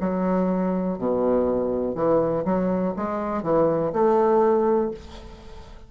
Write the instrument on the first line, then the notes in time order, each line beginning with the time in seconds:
bassoon
0.00 F#3
0.98 B2
1.95 E3
2.45 F#3
2.96 G#3
3.43 E3
3.93 A3